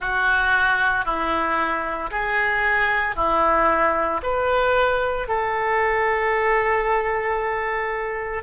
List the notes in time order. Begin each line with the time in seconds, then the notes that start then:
0.00 F#4
1.05 E4
2.11 G#4
3.15 E4
4.22 B4
5.27 A4